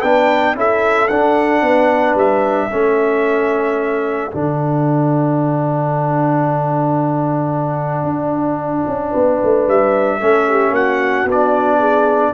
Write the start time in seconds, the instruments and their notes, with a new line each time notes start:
0.00 tuba B3, trombone D4, horn B4, trumpet G5
0.55 tuba C#4, trombone E4, horn A4, trumpet E5
1.08 tuba D4, trombone D4, trumpet F#5
1.62 tuba B3, horn B4
2.15 tuba G3, trumpet E5
2.68 tuba A3, trombone C#4, horn A4
4.32 tuba D3, trombone D4, trumpet F#5
8.04 tuba D4
8.88 tuba C#4
9.12 tuba B3, horn B4
9.44 tuba A3
9.68 tuba G3, trumpet E5
10.21 tuba A3, trombone C#4, horn A4
10.49 horn G4
10.71 tuba A#3, horn F#4, trumpet F#5
11.25 tuba B3, trombone D4
11.32 trumpet D5
11.79 horn G#4